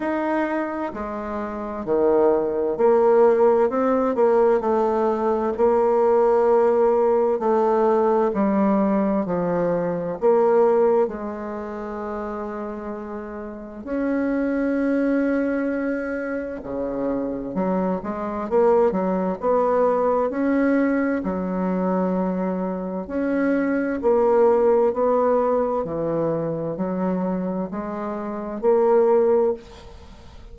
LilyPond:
\new Staff \with { instrumentName = "bassoon" } { \time 4/4 \tempo 4 = 65 dis'4 gis4 dis4 ais4 | c'8 ais8 a4 ais2 | a4 g4 f4 ais4 | gis2. cis'4~ |
cis'2 cis4 fis8 gis8 | ais8 fis8 b4 cis'4 fis4~ | fis4 cis'4 ais4 b4 | e4 fis4 gis4 ais4 | }